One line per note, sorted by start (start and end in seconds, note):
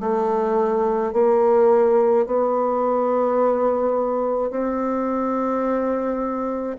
0.00 1.13 A3
1.13 2.26 A#3
2.26 4.51 B3
4.51 6.77 C4